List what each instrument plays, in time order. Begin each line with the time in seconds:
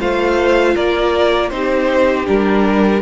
0.00 cello A3, viola F4, violin C5 F5
0.75 cello A#3, violin A#4 D5
1.50 cello C4, viola D#4, violin G4 C5
2.26 cello G3, viola D4, violin A#4